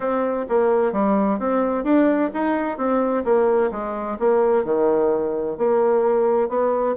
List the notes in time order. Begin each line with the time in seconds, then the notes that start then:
0.00 C4
0.49 A#3
0.92 G3
1.39 C4
1.84 D4
2.33 D#4
2.77 C4
3.24 A#3
3.71 G#3
4.19 A#3
4.64 D#3
5.57 A#3
6.49 B3